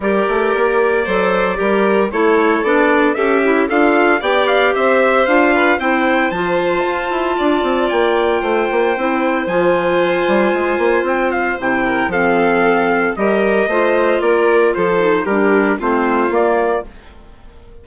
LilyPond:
<<
  \new Staff \with { instrumentName = "trumpet" } { \time 4/4 \tempo 4 = 114 d''1 | cis''4 d''4 e''4 f''4 | g''8 f''8 e''4 f''4 g''4 | a''2. g''4~ |
g''2 gis''2~ | gis''4 g''8 f''8 g''4 f''4~ | f''4 dis''2 d''4 | c''4 ais'4 c''4 d''4 | }
  \new Staff \with { instrumentName = "violin" } { \time 4/4 ais'2 c''4 ais'4 | a'2 g'4 f'4 | d''4 c''4. b'8 c''4~ | c''2 d''2 |
c''1~ | c''2~ c''8 ais'8 a'4~ | a'4 ais'4 c''4 ais'4 | a'4 g'4 f'2 | }
  \new Staff \with { instrumentName = "clarinet" } { \time 4/4 g'2 a'4 g'4 | e'4 d'4 a'8 e'8 a'4 | g'2 f'4 e'4 | f'1~ |
f'4 e'4 f'2~ | f'2 e'4 c'4~ | c'4 g'4 f'2~ | f'8 dis'8 d'4 c'4 ais4 | }
  \new Staff \with { instrumentName = "bassoon" } { \time 4/4 g8 a8 ais4 fis4 g4 | a4 b4 cis'4 d'4 | b4 c'4 d'4 c'4 | f4 f'8 e'8 d'8 c'8 ais4 |
a8 ais8 c'4 f4. g8 | gis8 ais8 c'4 c4 f4~ | f4 g4 a4 ais4 | f4 g4 a4 ais4 | }
>>